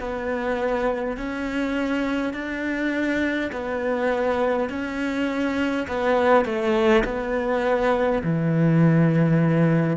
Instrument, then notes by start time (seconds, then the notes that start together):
cello
0.00 B3
1.17 C#4
2.34 D4
3.52 B3
4.70 C#4
5.88 B3
6.45 A3
7.05 B3
8.24 E3